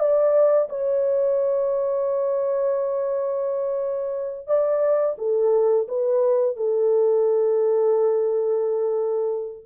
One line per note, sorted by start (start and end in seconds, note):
0.00 0.69 D5
0.70 4.48 C#5
4.48 5.17 D5
5.19 5.88 A4
5.88 6.57 B4
6.57 9.66 A4